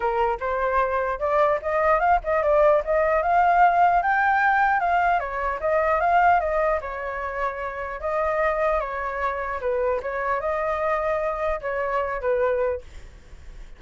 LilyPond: \new Staff \with { instrumentName = "flute" } { \time 4/4 \tempo 4 = 150 ais'4 c''2 d''4 | dis''4 f''8 dis''8 d''4 dis''4 | f''2 g''2 | f''4 cis''4 dis''4 f''4 |
dis''4 cis''2. | dis''2 cis''2 | b'4 cis''4 dis''2~ | dis''4 cis''4. b'4. | }